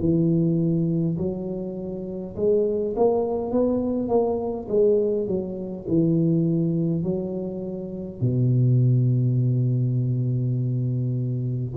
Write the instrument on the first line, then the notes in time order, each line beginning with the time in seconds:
tuba
0.00 E3
1.18 F#3
2.37 G#3
2.96 A#3
3.52 B3
4.09 A#3
4.69 G#3
5.28 F#3
5.89 E3
7.04 F#3
8.21 B2